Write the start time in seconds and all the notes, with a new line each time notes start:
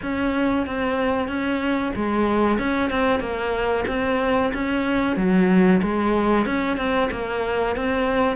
0.02 C#4
0.66 C4
1.27 C#4
1.95 G#3
2.58 C#4
2.90 C4
3.20 A#3
3.87 C4
4.53 C#4
5.16 F#3
5.82 G#3
6.45 C#4
6.77 C4
7.11 A#3
7.75 C4